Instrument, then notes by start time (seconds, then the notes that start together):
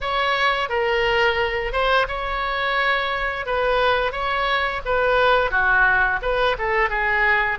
oboe
0.00 C#5
0.69 A#4
1.72 C5
2.08 C#5
3.45 B4
4.12 C#5
4.85 B4
5.50 F#4
6.22 B4
6.58 A4
6.89 G#4